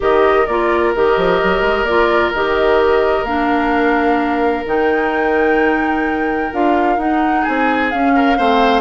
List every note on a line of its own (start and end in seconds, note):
0.00 0.47 D#3
0.00 0.46 G4
0.00 7.41 A#4
0.00 0.46 D#5
0.46 0.94 A#3
0.46 0.95 F4
0.46 0.93 D5
0.95 1.17 D#3
0.95 1.87 G4
0.95 1.84 D#5
1.17 1.40 F3
1.43 1.61 F#3
1.61 1.82 G#3
1.82 2.29 A#3
1.82 2.34 F4
1.82 2.31 D5
2.32 3.23 D#3
2.32 3.26 G4
2.32 3.24 D#5
3.23 4.62 A#3
3.23 4.66 D4
3.23 4.64 F5
4.66 6.52 D#3
4.66 6.52 D#4
4.66 6.53 G5
6.52 6.97 D4
6.52 6.98 F4
6.52 6.99 F5
6.97 7.43 D#4
6.97 7.91 D#4
6.97 7.44 F#5
7.41 8.11 G#4
7.41 7.90 G#5
7.48 7.93 C4
7.90 8.36 C#4
7.90 8.38 C#4
7.90 8.80 F5
8.15 8.37 A#4
8.36 8.80 A3
8.36 8.80 C4
8.36 8.80 C5